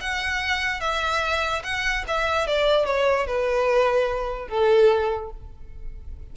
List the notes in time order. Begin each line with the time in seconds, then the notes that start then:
0.00 F#5
0.80 E5
1.63 F#5
2.07 E5
2.46 D5
2.85 C#5
3.27 B4
4.48 A4